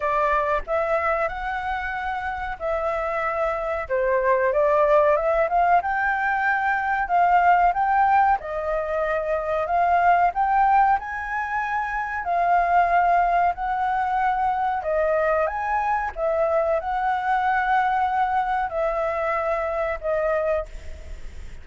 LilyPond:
\new Staff \with { instrumentName = "flute" } { \time 4/4 \tempo 4 = 93 d''4 e''4 fis''2 | e''2 c''4 d''4 | e''8 f''8 g''2 f''4 | g''4 dis''2 f''4 |
g''4 gis''2 f''4~ | f''4 fis''2 dis''4 | gis''4 e''4 fis''2~ | fis''4 e''2 dis''4 | }